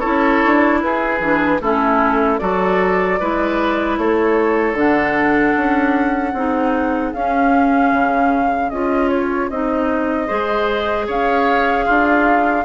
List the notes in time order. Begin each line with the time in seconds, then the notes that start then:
0.00 C#4 E4 A4 C#5
0.45 D4
0.81 E4 G#4 B4
1.20 E3 D4
1.61 A3 C#4 E4 A4
2.38 F#3 F#4 A4 D5
3.20 G#3 E4 B4
3.98 A3 A4 C#5
4.74 D3 D4 F#5
5.57 C#4
6.34 C4 D#4 G#4
7.14 C#4 F5
7.93 C#3
8.70 C#4 F4 D#5
9.10 C#5
9.50 C4 D#4 D#5
10.27 G#3 G#4 C5
11.07 C#4 C#5 F5
11.86 D4 F4